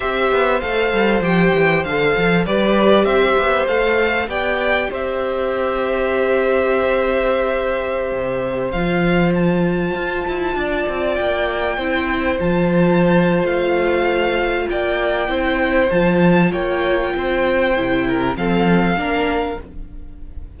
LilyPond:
<<
  \new Staff \with { instrumentName = "violin" } { \time 4/4 \tempo 4 = 98 e''4 f''4 g''4 f''4 | d''4 e''4 f''4 g''4 | e''1~ | e''2~ e''16 f''4 a''8.~ |
a''2~ a''16 g''4.~ g''16~ | g''16 a''4.~ a''16 f''2 | g''2 a''4 g''4~ | g''2 f''2 | }
  \new Staff \with { instrumentName = "violin" } { \time 4/4 c''1 | b'4 c''2 d''4 | c''1~ | c''1~ |
c''4~ c''16 d''2 c''8.~ | c''1 | d''4 c''2 cis''4 | c''4. ais'8 a'4 ais'4 | }
  \new Staff \with { instrumentName = "viola" } { \time 4/4 g'4 a'4 g'4 a'4 | g'2 a'4 g'4~ | g'1~ | g'2~ g'16 f'4.~ f'16~ |
f'2.~ f'16 e'8.~ | e'16 f'2.~ f'8.~ | f'4 e'4 f'2~ | f'4 e'4 c'4 d'4 | }
  \new Staff \with { instrumentName = "cello" } { \time 4/4 c'8 b8 a8 g8 f8 e8 d8 f8 | g4 c'8 b8 a4 b4 | c'1~ | c'4~ c'16 c4 f4.~ f16~ |
f16 f'8 e'8 d'8 c'8 ais4 c'8.~ | c'16 f4.~ f16 a2 | ais4 c'4 f4 ais4 | c'4 c4 f4 ais4 | }
>>